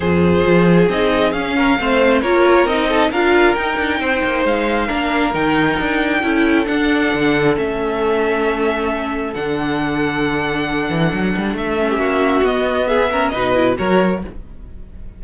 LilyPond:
<<
  \new Staff \with { instrumentName = "violin" } { \time 4/4 \tempo 4 = 135 c''2 dis''4 f''4~ | f''4 cis''4 dis''4 f''4 | g''2 f''2 | g''2. fis''4~ |
fis''4 e''2.~ | e''4 fis''2.~ | fis''2 e''2 | dis''4 e''4 dis''4 cis''4 | }
  \new Staff \with { instrumentName = "violin" } { \time 4/4 gis'2.~ gis'8 ais'8 | c''4 ais'4. a'8 ais'4~ | ais'4 c''2 ais'4~ | ais'2 a'2~ |
a'1~ | a'1~ | a'2~ a'8. g'16 fis'4~ | fis'4 gis'8 ais'8 b'4 ais'4 | }
  \new Staff \with { instrumentName = "viola" } { \time 4/4 f'2 dis'4 cis'4 | c'4 f'4 dis'4 f'4 | dis'2. d'4 | dis'2 e'4 d'4~ |
d'4 cis'2.~ | cis'4 d'2.~ | d'2~ d'8 cis'4. | b4. cis'8 dis'8 e'8 fis'4 | }
  \new Staff \with { instrumentName = "cello" } { \time 4/4 f,4 f4 c'4 cis'4 | a4 ais4 c'4 d'4 | dis'8 d'8 c'8 ais8 gis4 ais4 | dis4 d'4 cis'4 d'4 |
d4 a2.~ | a4 d2.~ | d8 e8 fis8 g8 a4 ais4 | b2 b,4 fis4 | }
>>